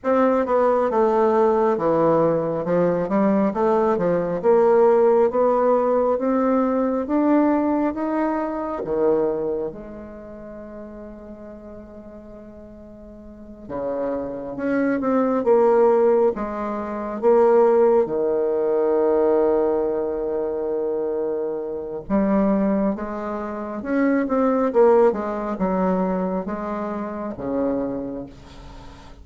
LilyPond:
\new Staff \with { instrumentName = "bassoon" } { \time 4/4 \tempo 4 = 68 c'8 b8 a4 e4 f8 g8 | a8 f8 ais4 b4 c'4 | d'4 dis'4 dis4 gis4~ | gis2.~ gis8 cis8~ |
cis8 cis'8 c'8 ais4 gis4 ais8~ | ais8 dis2.~ dis8~ | dis4 g4 gis4 cis'8 c'8 | ais8 gis8 fis4 gis4 cis4 | }